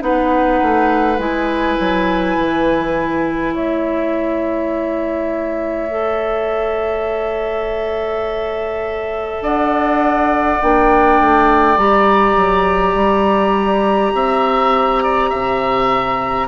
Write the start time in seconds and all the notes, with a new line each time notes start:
0.00 B3 D#4 B4 F#5
0.62 A3
1.18 G#3 E4 G#5
1.79 F#3
2.37 E3
3.54 A3 C#5 E5
5.90 A4
9.41 D4 D5 F#5
10.62 A#3 D4 G5
11.21 A3
11.76 G3 G4 A#5
12.36 F#3
12.95 G3
14.14 C4 E5
15.03 D5
15.30 C3 E5